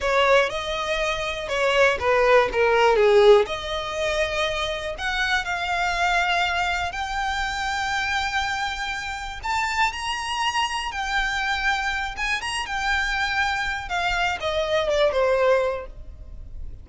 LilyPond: \new Staff \with { instrumentName = "violin" } { \time 4/4 \tempo 4 = 121 cis''4 dis''2 cis''4 | b'4 ais'4 gis'4 dis''4~ | dis''2 fis''4 f''4~ | f''2 g''2~ |
g''2. a''4 | ais''2 g''2~ | g''8 gis''8 ais''8 g''2~ g''8 | f''4 dis''4 d''8 c''4. | }